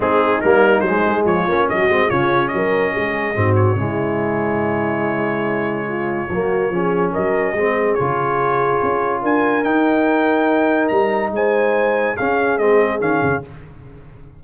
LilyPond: <<
  \new Staff \with { instrumentName = "trumpet" } { \time 4/4 \tempo 4 = 143 gis'4 ais'4 c''4 cis''4 | dis''4 cis''4 dis''2~ | dis''8 cis''2.~ cis''8~ | cis''1~ |
cis''4 dis''2 cis''4~ | cis''2 gis''4 g''4~ | g''2 ais''4 gis''4~ | gis''4 f''4 dis''4 f''4 | }
  \new Staff \with { instrumentName = "horn" } { \time 4/4 dis'2. f'4 | fis'4 f'4 ais'4 gis'4 | fis'4 e'2.~ | e'2 f'4 fis'4 |
gis'4 ais'4 gis'2~ | gis'2 ais'2~ | ais'2. c''4~ | c''4 gis'2. | }
  \new Staff \with { instrumentName = "trombone" } { \time 4/4 c'4 ais4 gis4. cis'8~ | cis'8 c'8 cis'2. | c'4 gis2.~ | gis2. ais4 |
cis'2 c'4 f'4~ | f'2. dis'4~ | dis'1~ | dis'4 cis'4 c'4 cis'4 | }
  \new Staff \with { instrumentName = "tuba" } { \time 4/4 gis4 g4 fis8 gis8 f8 ais8 | fis8 gis8 cis4 fis4 gis4 | gis,4 cis2.~ | cis2. fis4 |
f4 fis4 gis4 cis4~ | cis4 cis'4 d'4 dis'4~ | dis'2 g4 gis4~ | gis4 cis'4 gis4 dis8 cis8 | }
>>